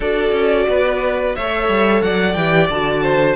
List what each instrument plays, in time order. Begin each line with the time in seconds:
0.00 cello D4, viola F#4, violin A4 D5
0.32 cello C#4
0.68 cello B3, violin B4
1.35 cello A3, viola A4, violin C#5 E5
1.68 cello G3
2.02 cello F#3, violin D5 F#5
2.33 cello E3, viola G4, violin G5
2.69 cello D3, viola F#4, violin A5
3.02 violin C5